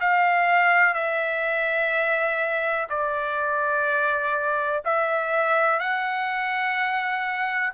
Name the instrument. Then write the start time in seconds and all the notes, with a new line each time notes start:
trumpet
0.00 F5
0.94 E5
2.89 D5
4.85 E5
5.80 F#5